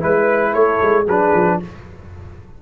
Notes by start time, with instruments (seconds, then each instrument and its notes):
0.00 tuba G#3, trombone E4, trumpet B4, horn B4
0.52 tuba A3, horn A4, trumpet C#5
0.82 tuba G#3
1.04 tuba F#3, horn G#4, trumpet B4
1.10 trombone D4
1.34 tuba F3